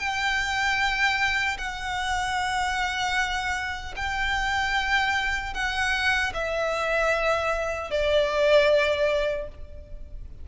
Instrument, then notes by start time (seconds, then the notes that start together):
violin
0.00 G5
1.58 F#5
3.97 G5
5.54 F#5
6.34 E5
7.91 D5